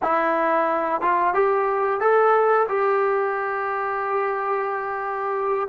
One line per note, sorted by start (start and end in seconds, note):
0.02 1.01 E4
1.01 1.34 F4
1.34 2.00 G4
2.00 2.67 A4
2.68 5.68 G4